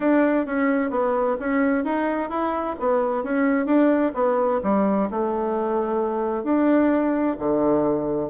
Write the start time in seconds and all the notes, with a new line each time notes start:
0.00 D4
0.46 C#4
0.90 B3
1.39 C#4
1.84 D#4
2.29 E4
2.79 B3
3.23 C#4
3.65 D4
4.14 B3
4.63 G3
5.10 A3
6.43 D4
7.38 D3